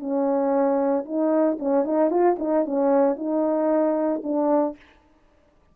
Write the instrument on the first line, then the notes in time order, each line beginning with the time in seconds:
horn
0.00 C#4
1.05 D#4
1.60 C#4
1.84 D#4
2.11 F4
2.39 D#4
2.66 C#4
3.17 D#4
4.23 D4